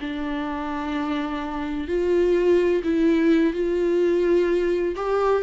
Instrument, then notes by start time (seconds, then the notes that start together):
viola
0.00 D4
1.87 F4
2.83 E4
3.53 F4
4.96 G4